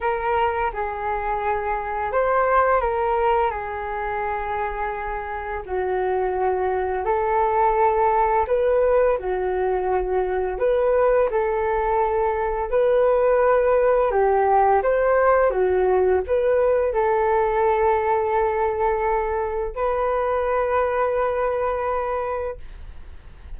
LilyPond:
\new Staff \with { instrumentName = "flute" } { \time 4/4 \tempo 4 = 85 ais'4 gis'2 c''4 | ais'4 gis'2. | fis'2 a'2 | b'4 fis'2 b'4 |
a'2 b'2 | g'4 c''4 fis'4 b'4 | a'1 | b'1 | }